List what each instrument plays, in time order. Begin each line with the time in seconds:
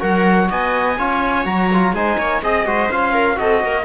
0.00 cello F#3, trombone F#4, viola A#4, trumpet F#5
0.50 cello B3, viola D#5, trumpet G#5
0.98 cello C#4, trombone F4, viola C#5
1.45 cello F#3, trombone F#4, trumpet A#5
1.73 trombone F4
1.93 cello G#3, trombone D#4, viola C5, trumpet G#5
2.19 cello A#3, viola C#5
2.43 cello C4, trombone G#4, trumpet D#5, viola D#5
2.66 cello G#3, trombone F#4, viola C5
2.91 cello C#4, trombone F4, trumpet F5
3.13 viola A#4
3.36 cello C4, trombone F#4, viola A4, trumpet D#5
3.64 cello A#3, viola A#4